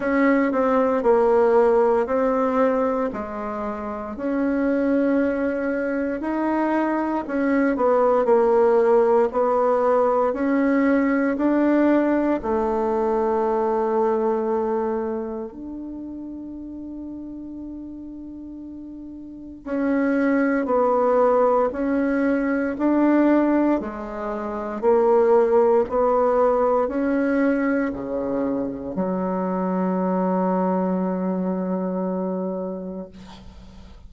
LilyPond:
\new Staff \with { instrumentName = "bassoon" } { \time 4/4 \tempo 4 = 58 cis'8 c'8 ais4 c'4 gis4 | cis'2 dis'4 cis'8 b8 | ais4 b4 cis'4 d'4 | a2. d'4~ |
d'2. cis'4 | b4 cis'4 d'4 gis4 | ais4 b4 cis'4 cis4 | fis1 | }